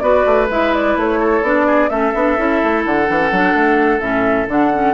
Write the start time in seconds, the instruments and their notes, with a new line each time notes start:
0.00 bassoon B3, clarinet F#4, oboe B4, flute D5
0.26 bassoon A3
0.50 bassoon G#3, clarinet E4, flute E5
0.75 flute D5
0.97 bassoon A3, flute C#5
1.20 oboe A4
1.43 bassoon B3, clarinet D4, flute D5
1.67 oboe G#4
1.89 bassoon A3, clarinet C#4, oboe A4, flute E5
2.15 bassoon B3, clarinet D4
2.38 bassoon C#4, clarinet E4
2.64 bassoon A3
2.86 bassoon D3, flute F#5
3.07 bassoon E3, clarinet D4
3.20 clarinet C#4
3.32 bassoon F#3, clarinet D4
3.54 bassoon A3
4.00 bassoon A2, clarinet C#4, flute E5
4.48 bassoon D3, clarinet D4, flute F#5
4.74 clarinet C#4